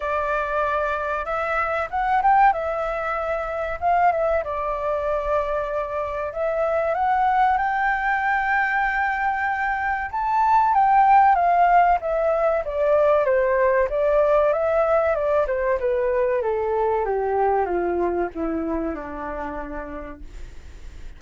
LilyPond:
\new Staff \with { instrumentName = "flute" } { \time 4/4 \tempo 4 = 95 d''2 e''4 fis''8 g''8 | e''2 f''8 e''8 d''4~ | d''2 e''4 fis''4 | g''1 |
a''4 g''4 f''4 e''4 | d''4 c''4 d''4 e''4 | d''8 c''8 b'4 a'4 g'4 | f'4 e'4 d'2 | }